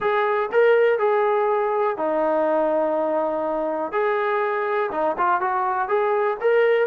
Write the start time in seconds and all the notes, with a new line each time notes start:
0.00 G#4
0.52 A#4
0.98 G#4
1.97 D#4
3.92 G#4
4.91 D#4
5.17 F4
5.41 F#4
5.88 G#4
6.41 A#4